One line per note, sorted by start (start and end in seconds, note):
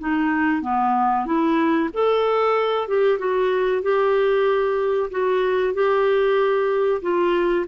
0.00 0.62 D#4
0.62 1.26 B3
1.26 1.90 E4
1.94 2.88 A4
2.88 3.19 G4
3.19 3.82 F#4
3.82 5.10 G4
5.11 5.74 F#4
5.74 7.02 G4
7.02 7.66 F4